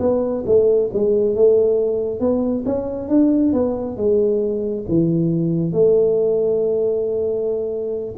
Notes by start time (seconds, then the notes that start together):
0.00 B3
0.46 A3
0.93 G#3
1.36 A3
2.20 B3
2.66 C#4
3.09 D4
3.53 B3
3.97 G#3
4.89 E3
5.73 A3